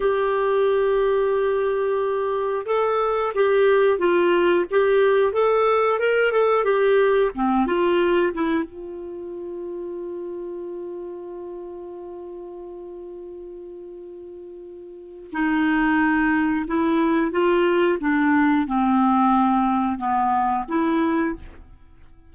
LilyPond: \new Staff \with { instrumentName = "clarinet" } { \time 4/4 \tempo 4 = 90 g'1 | a'4 g'4 f'4 g'4 | a'4 ais'8 a'8 g'4 c'8 f'8~ | f'8 e'8 f'2.~ |
f'1~ | f'2. dis'4~ | dis'4 e'4 f'4 d'4 | c'2 b4 e'4 | }